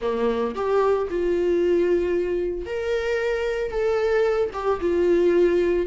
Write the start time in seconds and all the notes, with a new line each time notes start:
0.01 A#3
0.55 G4
1.10 F4
2.65 A#4
3.70 A4
4.53 G4
4.80 F4